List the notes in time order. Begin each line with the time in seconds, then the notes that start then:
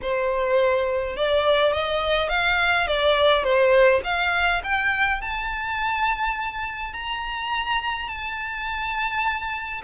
0.02 C5
1.16 D5
1.73 D#5
2.29 F5
2.87 D5
3.43 C5
4.04 F5
4.63 G5
5.21 A5
6.93 A#5
8.08 A5